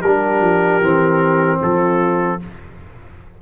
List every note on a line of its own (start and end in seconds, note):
0.00 0.40 G3
0.00 1.58 G4
0.00 1.59 A#4
0.06 0.82 D4
0.40 0.80 F3
0.81 1.60 E3
0.81 2.39 C4
1.59 2.41 F3
1.59 2.38 F4
1.59 2.41 A4